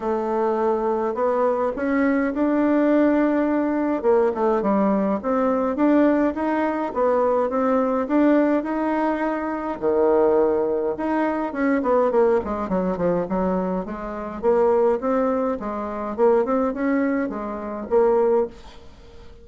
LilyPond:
\new Staff \with { instrumentName = "bassoon" } { \time 4/4 \tempo 4 = 104 a2 b4 cis'4 | d'2. ais8 a8 | g4 c'4 d'4 dis'4 | b4 c'4 d'4 dis'4~ |
dis'4 dis2 dis'4 | cis'8 b8 ais8 gis8 fis8 f8 fis4 | gis4 ais4 c'4 gis4 | ais8 c'8 cis'4 gis4 ais4 | }